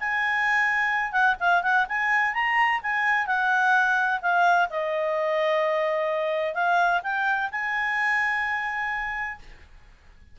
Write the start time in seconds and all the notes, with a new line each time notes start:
0.00 G#5
1.12 F#5
1.40 F5
1.63 F#5
1.89 G#5
2.34 A#5
2.83 G#5
3.27 F#5
4.22 F5
4.70 D#5
6.54 F5
7.03 G5
7.51 G#5